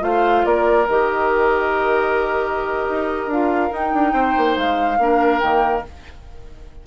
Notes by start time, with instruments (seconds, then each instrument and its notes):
0.00 bassoon A3, clarinet F4, oboe C5, flute F5
0.45 bassoon A#3, oboe A#4, flute D5
0.88 bassoon D#3, clarinet G4, flute D#5
2.89 bassoon D#4
3.27 bassoon D4, clarinet F4, flute F5
3.70 clarinet D#4, bassoon D#4, flute G5
3.93 bassoon D4
4.13 bassoon C4, oboe C5
4.37 bassoon A#3
4.56 bassoon G#3, flute F5
4.98 bassoon A#3, clarinet D4, oboe A#4
5.39 bassoon D#3, clarinet A#3, flute G5